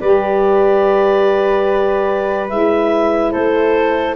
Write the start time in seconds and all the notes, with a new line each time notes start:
0.00 G3 G4 B4 D5
2.50 G#3 E4 E5
3.32 A3 A4 C5